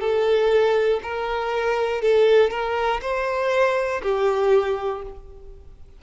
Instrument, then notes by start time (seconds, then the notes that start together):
violin
0.00 A4
1.03 A#4
2.02 A4
2.50 A#4
3.02 C5
4.02 G4